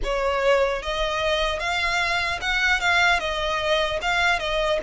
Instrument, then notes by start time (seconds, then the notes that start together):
violin
0.03 C#5
0.82 D#5
1.59 F5
2.41 F#5
2.80 F5
3.19 D#5
4.01 F5
4.39 D#5